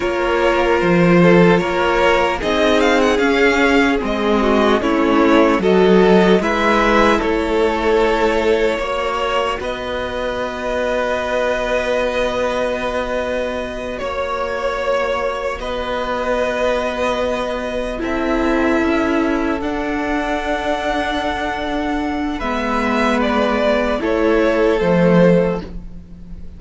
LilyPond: <<
  \new Staff \with { instrumentName = "violin" } { \time 4/4 \tempo 4 = 75 cis''4 c''4 cis''4 dis''8 f''16 fis''16 | f''4 dis''4 cis''4 dis''4 | e''4 cis''2. | dis''1~ |
dis''4. cis''2 dis''8~ | dis''2~ dis''8 e''4.~ | e''8 fis''2.~ fis''8 | e''4 d''4 cis''4 c''4 | }
  \new Staff \with { instrumentName = "violin" } { \time 4/4 ais'4. a'8 ais'4 gis'4~ | gis'4. fis'8 e'4 a'4 | b'4 a'2 cis''4 | b'1~ |
b'4. cis''2 b'8~ | b'2~ b'8 a'4.~ | a'1 | b'2 a'2 | }
  \new Staff \with { instrumentName = "viola" } { \time 4/4 f'2. dis'4 | cis'4 c'4 cis'4 fis'4 | e'2. fis'4~ | fis'1~ |
fis'1~ | fis'2~ fis'8 e'4.~ | e'8 d'2.~ d'8 | b2 e'4 a4 | }
  \new Staff \with { instrumentName = "cello" } { \time 4/4 ais4 f4 ais4 c'4 | cis'4 gis4 a4 fis4 | gis4 a2 ais4 | b1~ |
b4. ais2 b8~ | b2~ b8 c'4 cis'8~ | cis'8 d'2.~ d'8 | gis2 a4 f4 | }
>>